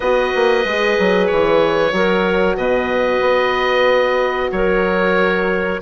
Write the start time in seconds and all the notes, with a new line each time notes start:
0.00 B3 F#4 B4 D#5
0.35 A#3
0.65 G#3 G#4
0.98 F#3
1.26 E3 C#5
1.92 F#3 F#4 A#4
2.56 B2 B4 D#5
3.21 B3
4.51 F#3 A#4 C#5